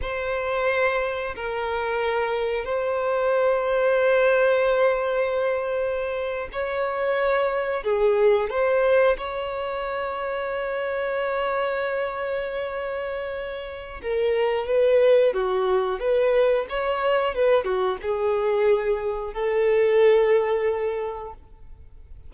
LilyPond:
\new Staff \with { instrumentName = "violin" } { \time 4/4 \tempo 4 = 90 c''2 ais'2 | c''1~ | c''4.~ c''16 cis''2 gis'16~ | gis'8. c''4 cis''2~ cis''16~ |
cis''1~ | cis''4 ais'4 b'4 fis'4 | b'4 cis''4 b'8 fis'8 gis'4~ | gis'4 a'2. | }